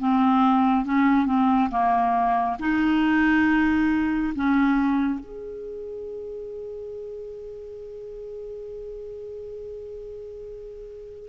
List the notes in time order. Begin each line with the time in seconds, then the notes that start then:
0.00 C4
0.85 C#4
1.26 C4
1.71 A#3
2.60 D#4
4.36 C#4
5.20 G#4